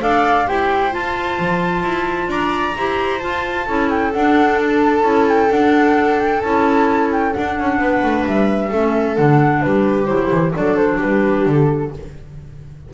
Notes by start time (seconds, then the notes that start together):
0.00 D4 A4 D5 F5
0.47 E4 G4 C5 G5
0.91 F4 A5
1.39 F3
1.83 E4
2.28 D4 D5 A#5
2.77 E4 G4 C5
3.19 F4 A5
3.66 C#4 E4 A4
3.90 G5
4.13 D4 F#5
4.61 A5
5.02 C#4 E4
5.29 G5
5.50 D4 F#5
6.20 G5
6.41 C#4 E4 A5
7.12 G5
7.33 D4 F#5
7.59 C#4
7.79 B3 B4
8.03 A3
8.27 G3 E5
8.69 A3 C#4 A4
9.16 D3 D4 F#5
9.62 G3 G4 B4
10.06 F#3 E4 C5
10.31 E3
10.54 F#3 D4 A4 D5
10.76 C5
10.97 G3 G4 B4
11.46 D3 A4